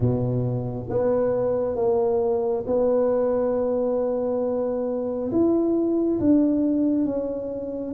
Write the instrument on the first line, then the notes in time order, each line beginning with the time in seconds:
tuba
0.00 B2
0.89 B3
1.75 A#3
2.66 B3
5.31 E4
6.20 D4
7.05 C#4